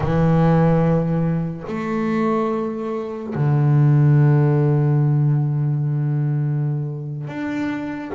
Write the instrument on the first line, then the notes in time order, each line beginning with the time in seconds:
double bass
0.00 E3
1.67 A3
3.34 D3
7.27 D4